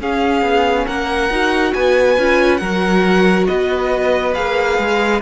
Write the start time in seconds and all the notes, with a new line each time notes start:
0.00 C#4 G#4 F5
0.42 B3
0.86 A#3 A#4 F#5
1.30 D#4 F#4
1.73 B3 B4 G#5
2.18 C#4 F4
2.57 F#3 F#4 A#4 F#5
3.47 B3 B4 D#5
4.34 A#3 G#4 F5
4.78 G#3